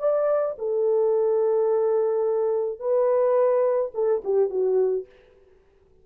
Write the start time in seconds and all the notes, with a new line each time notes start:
0.00 D5
0.59 A4
2.80 B4
3.95 A4
4.25 G4
4.50 F#4